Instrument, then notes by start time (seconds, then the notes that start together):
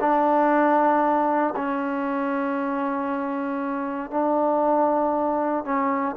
trombone
0.00 D4
1.55 C#4
4.11 D4
5.64 C#4